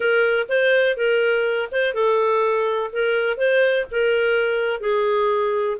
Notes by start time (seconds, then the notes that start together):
0.00 A#4
0.49 C5
0.96 A#4
1.71 C5
1.94 A4
2.92 A#4
3.37 C5
3.91 A#4
4.80 G#4